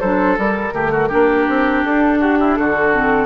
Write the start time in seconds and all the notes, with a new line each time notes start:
0.00 F#3 D4 A4 C5
0.37 G3 A#4
0.71 D3 A3 G4
0.91 F#4
1.08 A#3 D4 G4
1.48 C4
1.83 D4 A4
2.19 F#4 G4
2.39 E4
2.56 D3 F#4 A4
2.93 C4